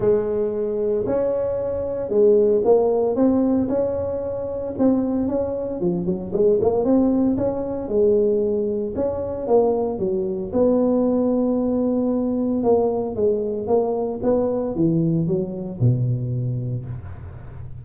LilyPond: \new Staff \with { instrumentName = "tuba" } { \time 4/4 \tempo 4 = 114 gis2 cis'2 | gis4 ais4 c'4 cis'4~ | cis'4 c'4 cis'4 f8 fis8 | gis8 ais8 c'4 cis'4 gis4~ |
gis4 cis'4 ais4 fis4 | b1 | ais4 gis4 ais4 b4 | e4 fis4 b,2 | }